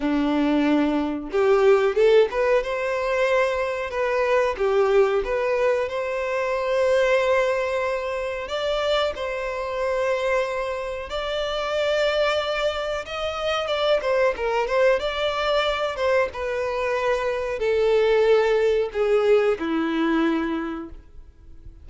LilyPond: \new Staff \with { instrumentName = "violin" } { \time 4/4 \tempo 4 = 92 d'2 g'4 a'8 b'8 | c''2 b'4 g'4 | b'4 c''2.~ | c''4 d''4 c''2~ |
c''4 d''2. | dis''4 d''8 c''8 ais'8 c''8 d''4~ | d''8 c''8 b'2 a'4~ | a'4 gis'4 e'2 | }